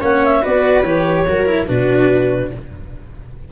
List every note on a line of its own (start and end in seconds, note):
0.00 0.43 A#3
0.00 0.41 C#4
0.00 0.41 C#5
0.00 0.24 F#5
0.24 0.44 E5
0.41 0.83 B3
0.41 0.83 F#4
0.41 1.25 B4
0.41 0.83 D5
0.83 1.24 E3
0.83 1.26 G4
0.83 1.66 C#5
1.27 1.68 F#3
1.27 1.45 F#4
1.27 1.68 A#4
1.45 1.66 E4
1.67 2.52 B2
1.67 2.50 D4
1.67 2.51 F#4
1.67 2.51 B4